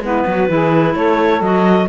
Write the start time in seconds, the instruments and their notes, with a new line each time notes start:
0.00 cello G#3, clarinet B3 B4, saxophone E4
0.26 cello F#3, saxophone F#4
0.48 cello E3, clarinet E4, saxophone G#4
0.94 cello A3, saxophone A4, clarinet C#5
1.41 cello F#3, clarinet F#4 D#5